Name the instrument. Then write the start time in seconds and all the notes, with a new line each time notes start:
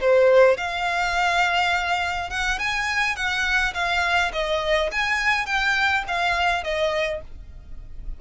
violin
0.00 C5
0.57 F5
2.29 F#5
2.59 G#5
3.15 F#5
3.74 F5
4.32 D#5
4.91 G#5
5.46 G5
6.07 F5
6.63 D#5